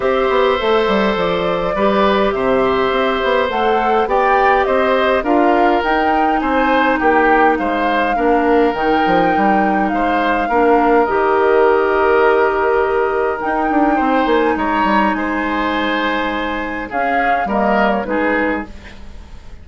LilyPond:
<<
  \new Staff \with { instrumentName = "flute" } { \time 4/4 \tempo 4 = 103 e''2 d''2 | e''2 fis''4 g''4 | dis''4 f''4 g''4 gis''4 | g''4 f''2 g''4~ |
g''4 f''2 dis''4~ | dis''2. g''4~ | g''8 gis''8 ais''4 gis''2~ | gis''4 f''4 dis''8. cis''16 b'4 | }
  \new Staff \with { instrumentName = "oboe" } { \time 4/4 c''2. b'4 | c''2. d''4 | c''4 ais'2 c''4 | g'4 c''4 ais'2~ |
ais'4 c''4 ais'2~ | ais'1 | c''4 cis''4 c''2~ | c''4 gis'4 ais'4 gis'4 | }
  \new Staff \with { instrumentName = "clarinet" } { \time 4/4 g'4 a'2 g'4~ | g'2 a'4 g'4~ | g'4 f'4 dis'2~ | dis'2 d'4 dis'4~ |
dis'2 d'4 g'4~ | g'2. dis'4~ | dis'1~ | dis'4 cis'4 ais4 dis'4 | }
  \new Staff \with { instrumentName = "bassoon" } { \time 4/4 c'8 b8 a8 g8 f4 g4 | c4 c'8 b8 a4 b4 | c'4 d'4 dis'4 c'4 | ais4 gis4 ais4 dis8 f8 |
g4 gis4 ais4 dis4~ | dis2. dis'8 d'8 | c'8 ais8 gis8 g8 gis2~ | gis4 cis'4 g4 gis4 | }
>>